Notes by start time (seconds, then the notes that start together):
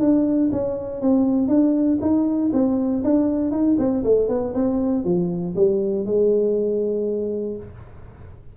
0.00 D4
0.52 C#4
1.01 C4
1.48 D4
2.01 D#4
2.53 C4
3.04 D4
3.51 D#4
3.78 C4
4.04 A3
4.28 B3
4.54 C4
5.04 F3
5.56 G3
6.05 G#3